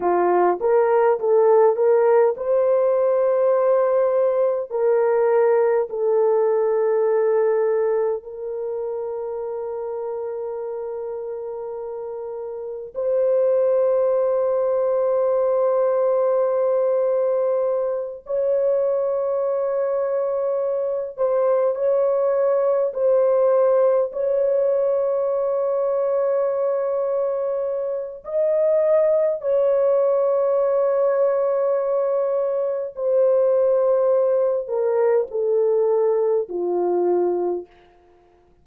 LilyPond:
\new Staff \with { instrumentName = "horn" } { \time 4/4 \tempo 4 = 51 f'8 ais'8 a'8 ais'8 c''2 | ais'4 a'2 ais'4~ | ais'2. c''4~ | c''2.~ c''8 cis''8~ |
cis''2 c''8 cis''4 c''8~ | c''8 cis''2.~ cis''8 | dis''4 cis''2. | c''4. ais'8 a'4 f'4 | }